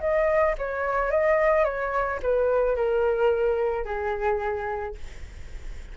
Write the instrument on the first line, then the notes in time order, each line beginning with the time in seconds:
flute
0.00 D#5
0.58 C#5
1.11 D#5
1.64 C#5
2.22 B4
2.76 A#4
3.85 G#4